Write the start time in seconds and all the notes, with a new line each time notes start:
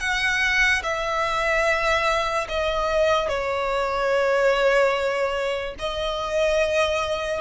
0.00 F#5
0.83 E5
2.49 D#5
3.28 C#5
5.79 D#5